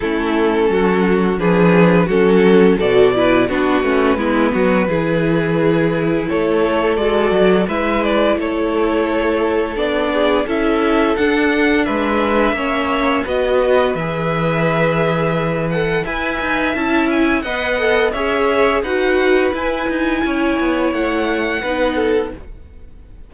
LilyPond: <<
  \new Staff \with { instrumentName = "violin" } { \time 4/4 \tempo 4 = 86 a'2 b'4 a'4 | d''4 b'2.~ | b'4 cis''4 d''4 e''8 d''8 | cis''2 d''4 e''4 |
fis''4 e''2 dis''4 | e''2~ e''8 fis''8 gis''4 | a''8 gis''8 fis''4 e''4 fis''4 | gis''2 fis''2 | }
  \new Staff \with { instrumentName = "violin" } { \time 4/4 e'4 fis'4 gis'4 fis'4 | a'8 b'8 fis'4 e'8 fis'8 gis'4~ | gis'4 a'2 b'4 | a'2~ a'8 gis'8 a'4~ |
a'4 b'4 cis''4 b'4~ | b'2. e''4~ | e''4 dis''4 cis''4 b'4~ | b'4 cis''2 b'8 a'8 | }
  \new Staff \with { instrumentName = "viola" } { \time 4/4 cis'2 d'4 cis'4 | fis'8 e'8 d'8 cis'8 b4 e'4~ | e'2 fis'4 e'4~ | e'2 d'4 e'4 |
d'2 cis'4 fis'4 | gis'2~ gis'8 a'8 b'4 | e'4 b'8 a'8 gis'4 fis'4 | e'2. dis'4 | }
  \new Staff \with { instrumentName = "cello" } { \time 4/4 a4 fis4 f4 fis4 | b,4 b8 a8 gis8 fis8 e4~ | e4 a4 gis8 fis8 gis4 | a2 b4 cis'4 |
d'4 gis4 ais4 b4 | e2. e'8 dis'8 | cis'4 b4 cis'4 dis'4 | e'8 dis'8 cis'8 b8 a4 b4 | }
>>